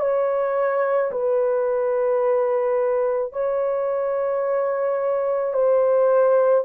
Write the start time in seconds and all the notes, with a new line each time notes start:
0.00 C#5
1.12 B4
3.33 C#5
5.54 C5